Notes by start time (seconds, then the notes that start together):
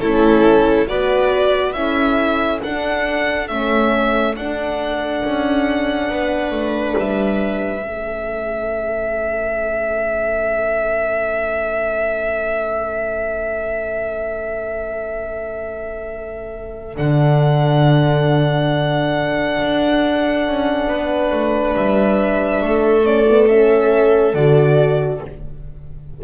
0.00 A3 C#4 E4 A4
0.87 B3 F#4 B4 D5
1.72 C#4 E4 A4 E5
2.63 D4 F#5
3.47 A3 C#4 E5
4.36 D4 F#5
5.24 C#4
6.09 B3 B4
6.51 A3
6.97 G3 E5
7.83 A3 C#4 A4
16.95 D3 D4 F#5
19.61 D4
20.47 C#4
20.87 B3 B4
21.31 A3
21.76 G3 E5
22.61 A3 A4
23.04 C#4 D5
23.29 B3
23.48 C#4 E5
24.34 D3 F#4 D5